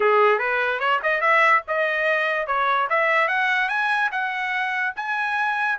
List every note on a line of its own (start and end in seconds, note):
0.00 0.38 G#4
0.38 0.79 B4
0.79 1.00 C#5
1.02 1.20 D#5
1.20 1.61 E5
1.67 2.46 D#5
2.46 2.87 C#5
2.89 3.28 E5
3.28 3.69 F#5
3.69 4.10 G#5
4.11 4.94 F#5
4.96 5.78 G#5